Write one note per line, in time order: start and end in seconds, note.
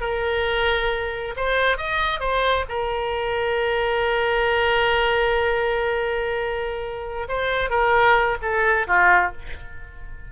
0.00 1.34 A#4
1.36 1.77 C5
1.77 2.20 D#5
2.20 2.65 C5
2.68 7.27 A#4
7.28 7.70 C5
7.70 8.37 A#4
8.42 8.86 A4
8.87 9.32 F4